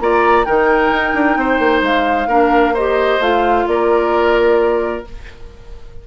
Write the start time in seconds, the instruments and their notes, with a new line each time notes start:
0.00 bassoon A#3, clarinet F4, oboe D5, flute A#5
0.45 bassoon D#3, clarinet D#4, oboe A#4, flute G5
0.91 bassoon D#4
1.14 bassoon D4
1.36 bassoon C4, oboe C5
1.59 bassoon A#3
1.82 bassoon G#3, flute F5
2.27 bassoon A#3, clarinet D4, oboe A#4
2.74 clarinet G4, oboe C5, flute D#5
3.19 bassoon A3, clarinet F4, flute F5
3.67 bassoon A#3, oboe A#4, flute D5